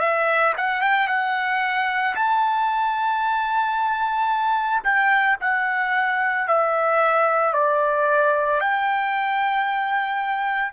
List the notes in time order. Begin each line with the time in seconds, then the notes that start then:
0.00 E5
0.58 F#5
0.82 G5
1.08 F#5
2.16 A5
4.84 G5
5.41 F#5
6.48 E5
7.54 D5
8.61 G5